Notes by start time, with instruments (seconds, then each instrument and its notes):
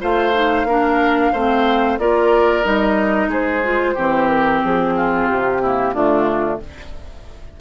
0.00 bassoon A3, clarinet F4, oboe C5, flute F5
0.33 clarinet D#4
0.64 bassoon A#3, clarinet D4, oboe A#4
1.32 bassoon A3, clarinet C4, oboe C5
1.98 bassoon A#3, clarinet F4, oboe A#4, flute D5
2.63 bassoon G3, clarinet D#4, flute D#5
3.28 bassoon G#3, oboe G#4, flute C5
3.63 clarinet F4
3.95 bassoon E3, clarinet C4, oboe G4
4.28 flute A#4
4.64 bassoon F3, flute G#4
4.96 oboe F4
5.28 bassoon C3, flute G4
5.62 clarinet A#3, oboe E4
5.93 bassoon D3, clarinet A3, oboe D4, flute F4